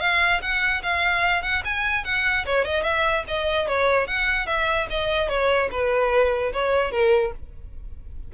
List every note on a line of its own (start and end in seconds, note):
0.00 0.41 F5
0.41 0.82 F#5
0.83 1.42 F5
1.42 1.63 F#5
1.65 2.04 G#5
2.04 2.45 F#5
2.45 2.65 C#5
2.65 2.83 D#5
2.83 3.24 E5
3.27 3.67 D#5
3.67 4.07 C#5
4.07 4.46 F#5
4.46 4.87 E5
4.90 5.29 D#5
5.29 5.69 C#5
5.71 6.52 B4
6.53 6.91 C#5
6.91 7.32 A#4